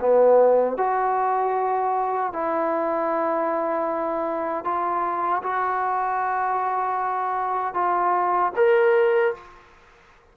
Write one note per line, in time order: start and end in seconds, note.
0.00 0.77 B3
0.77 2.33 F#4
2.33 4.64 E4
4.64 5.42 F4
5.43 7.74 F#4
7.74 8.52 F4
8.56 9.34 A#4